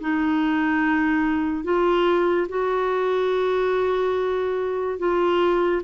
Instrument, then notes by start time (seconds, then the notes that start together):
clarinet
0.00 D#4
1.64 F4
2.48 F#4
4.98 F4